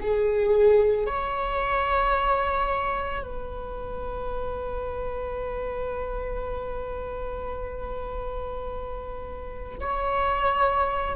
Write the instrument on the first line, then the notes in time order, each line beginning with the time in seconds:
viola
0.00 G#4
1.06 C#5
3.23 B4
9.80 C#5